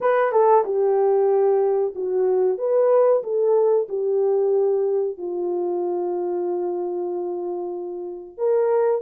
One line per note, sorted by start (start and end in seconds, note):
0.01 0.31 B4
0.31 0.64 A4
0.65 1.94 G4
1.95 2.58 F#4
2.58 3.22 B4
3.23 3.87 A4
3.89 5.17 G4
5.17 8.37 F4
8.37 9.01 A#4